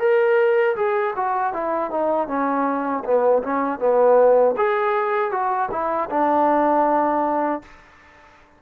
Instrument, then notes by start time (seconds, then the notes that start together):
trombone
0.00 A#4
0.77 G#4
1.17 F#4
1.54 E4
1.92 D#4
2.28 C#4
3.05 B3
3.43 C#4
3.80 B3
4.57 G#4
5.32 F#4
5.72 E4
6.11 D4